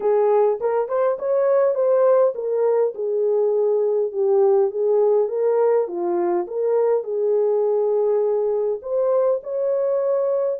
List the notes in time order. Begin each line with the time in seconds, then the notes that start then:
0.00 G#4
0.60 A#4
0.88 C5
1.18 C#5
1.75 C5
2.34 A#4
2.94 G#4
4.12 G4
4.71 G#4
5.28 A#4
5.87 F4
6.47 A#4
7.03 G#4
8.82 C5
9.43 C#5